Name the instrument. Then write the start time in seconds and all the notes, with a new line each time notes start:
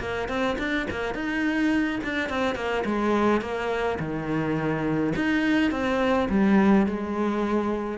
cello
0.00 A#3
0.28 C4
0.58 D4
0.90 A#3
1.14 D#4
2.03 D4
2.29 C4
2.55 A#3
2.85 G#3
3.41 A#3
3.99 D#3
5.15 D#4
5.71 C4
6.29 G3
6.86 G#3